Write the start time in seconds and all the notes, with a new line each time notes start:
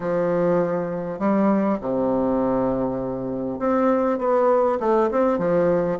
0.00 F3
1.19 G3
1.81 C3
3.59 C4
4.18 B3
4.80 A3
5.11 C4
5.38 F3